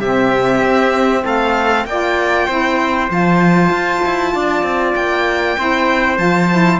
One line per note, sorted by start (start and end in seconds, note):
0.00 0.62 C3
0.00 1.88 C4
0.00 1.24 G4
0.00 1.24 E5
0.62 1.23 C4
1.24 1.85 A3
1.24 1.86 A4
1.24 1.86 F5
1.85 2.47 A#3
1.85 2.48 F4
1.85 2.47 D5
1.85 3.10 G5
2.47 3.09 C4
2.47 3.09 E4
2.47 4.32 C5
3.09 3.69 F3
3.09 5.56 F4
3.09 4.95 A5
3.69 4.00 F4
4.05 4.35 E4
4.35 4.63 D4
4.35 5.59 D5
4.63 4.94 C4
4.95 5.57 A#3
4.95 6.17 G5
5.57 6.18 C4
5.57 6.16 E4
5.57 6.80 C5
6.16 6.80 F3
6.16 6.47 F4
6.16 6.79 A5
6.50 6.80 E4